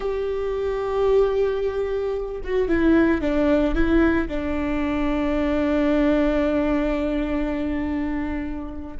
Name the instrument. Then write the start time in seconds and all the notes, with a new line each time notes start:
viola
0.00 G4
2.44 F#4
2.68 E4
3.21 D4
3.75 E4
4.28 D4